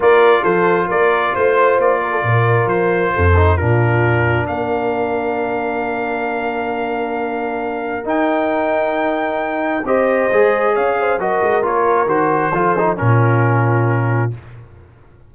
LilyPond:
<<
  \new Staff \with { instrumentName = "trumpet" } { \time 4/4 \tempo 4 = 134 d''4 c''4 d''4 c''4 | d''2 c''2 | ais'2 f''2~ | f''1~ |
f''2 g''2~ | g''2 dis''2 | f''4 dis''4 cis''4 c''4~ | c''4 ais'2. | }
  \new Staff \with { instrumentName = "horn" } { \time 4/4 ais'4 a'4 ais'4 c''4~ | c''8 ais'16 a'16 ais'2 a'4 | f'2 ais'2~ | ais'1~ |
ais'1~ | ais'2 c''2 | cis''8 c''8 ais'2. | a'4 f'2. | }
  \new Staff \with { instrumentName = "trombone" } { \time 4/4 f'1~ | f'2.~ f'8 dis'8 | d'1~ | d'1~ |
d'2 dis'2~ | dis'2 g'4 gis'4~ | gis'4 fis'4 f'4 fis'4 | f'8 dis'8 cis'2. | }
  \new Staff \with { instrumentName = "tuba" } { \time 4/4 ais4 f4 ais4 a4 | ais4 ais,4 f4 f,4 | ais,2 ais2~ | ais1~ |
ais2 dis'2~ | dis'2 c'4 gis4 | cis'4 fis8 gis8 ais4 dis4 | f4 ais,2. | }
>>